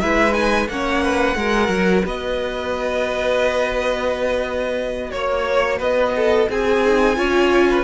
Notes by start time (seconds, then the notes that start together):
0.00 G#3 E4 B4 E5
0.31 D#4 G#5
0.68 A#3 C#4 C#5 F#5
1.02 B4
1.35 G#3 F#4 A#4
1.68 F#3
2.05 B3 B4 D#5
5.11 A#3 C#5
5.77 B3 B4 D#5
6.16 A4
6.49 C4 G#4 G#5
6.85 D#4
7.16 C#4 F4 C#5
7.70 B4